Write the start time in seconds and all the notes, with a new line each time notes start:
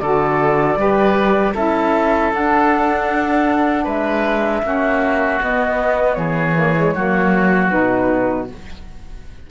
0.00 D3 F#4 A4 D5
0.77 G3 G4 B4
1.55 C#4 E4 A4 E5
2.33 D4 F#5
3.84 G#3 B4 E5
4.63 A#3 C#4 F#4
5.41 B3 D#5
6.14 E3 G#4 C#5
6.56 A#3
6.77 G#3
6.95 F#3 A#3 F#4
7.70 B2 D#4 B4